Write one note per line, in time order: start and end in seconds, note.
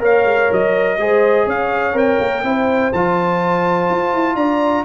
0.00 0.25 A#3
0.00 0.97 A#4
0.00 0.98 C#5
0.00 0.53 F5
0.25 0.49 G#3
0.52 0.98 F#3
0.52 1.49 D#5
0.98 1.46 G#3
0.98 1.94 G#4
0.98 1.47 C5
1.47 1.94 C#4
1.47 2.43 C#5
1.47 1.98 F5
1.94 2.18 C4
1.94 2.42 A#4
1.94 2.93 G5
2.19 2.44 A#3
2.44 2.92 C4
2.44 2.93 E4
2.44 4.37 C5
2.93 3.90 F3
2.93 4.85 F4
2.93 4.36 A5
3.90 4.14 F4
4.14 4.35 E4
4.35 4.84 D4
4.35 4.85 D5
4.35 4.84 A#5